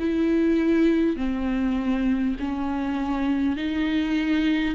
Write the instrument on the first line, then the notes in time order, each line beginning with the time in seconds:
viola
0.00 E4
1.17 C4
2.40 C#4
3.57 D#4